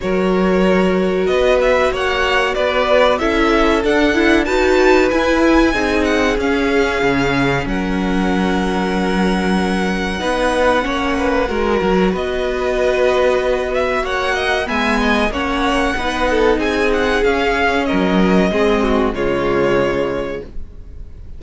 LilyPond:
<<
  \new Staff \with { instrumentName = "violin" } { \time 4/4 \tempo 4 = 94 cis''2 dis''8 e''8 fis''4 | d''4 e''4 fis''4 a''4 | gis''4. fis''8 f''2 | fis''1~ |
fis''2. dis''4~ | dis''4. e''8 fis''4 gis''4 | fis''2 gis''8 fis''8 f''4 | dis''2 cis''2 | }
  \new Staff \with { instrumentName = "violin" } { \time 4/4 ais'2 b'4 cis''4 | b'4 a'2 b'4~ | b'4 gis'2. | ais'1 |
b'4 cis''8 b'8 ais'4 b'4~ | b'2 cis''8 dis''8 e''8 dis''8 | cis''4 b'8 a'8 gis'2 | ais'4 gis'8 fis'8 f'2 | }
  \new Staff \with { instrumentName = "viola" } { \time 4/4 fis'1~ | fis'4 e'4 d'8 e'8 fis'4 | e'4 dis'4 cis'2~ | cis'1 |
dis'4 cis'4 fis'2~ | fis'2. b4 | cis'4 dis'2 cis'4~ | cis'4 c'4 gis2 | }
  \new Staff \with { instrumentName = "cello" } { \time 4/4 fis2 b4 ais4 | b4 cis'4 d'4 dis'4 | e'4 c'4 cis'4 cis4 | fis1 |
b4 ais4 gis8 fis8 b4~ | b2 ais4 gis4 | ais4 b4 c'4 cis'4 | fis4 gis4 cis2 | }
>>